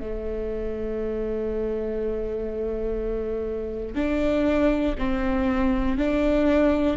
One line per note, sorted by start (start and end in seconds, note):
0.00 3.95 A3
3.95 4.95 D4
4.98 5.97 C4
5.97 6.97 D4